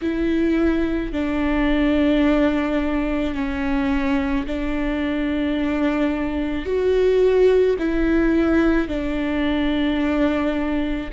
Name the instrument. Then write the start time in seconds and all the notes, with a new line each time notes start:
viola
0.01 E4
1.12 D4
3.34 C#4
4.46 D4
6.65 F#4
7.78 E4
8.88 D4